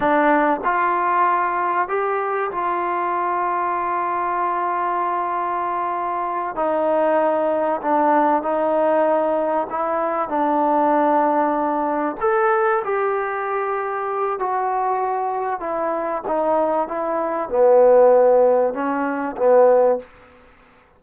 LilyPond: \new Staff \with { instrumentName = "trombone" } { \time 4/4 \tempo 4 = 96 d'4 f'2 g'4 | f'1~ | f'2~ f'8 dis'4.~ | dis'8 d'4 dis'2 e'8~ |
e'8 d'2. a'8~ | a'8 g'2~ g'8 fis'4~ | fis'4 e'4 dis'4 e'4 | b2 cis'4 b4 | }